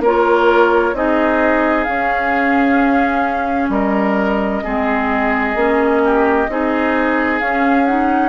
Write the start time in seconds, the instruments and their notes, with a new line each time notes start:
0.00 bassoon A#3, clarinet F4, oboe A#4, flute C#5
0.93 bassoon C4, clarinet D#4, oboe G#4, flute D#5
1.83 clarinet C#4, bassoon C#4, flute F5
3.69 bassoon G3, oboe A#4, flute D#5
4.64 bassoon G#3, clarinet C4, oboe G#4
5.55 bassoon A#3, clarinet C#4
6.04 oboe G4
6.49 bassoon C4, clarinet D#4, oboe G#4
7.40 clarinet C#4, bassoon C#4, flute F5
7.85 clarinet D#4, flute F#5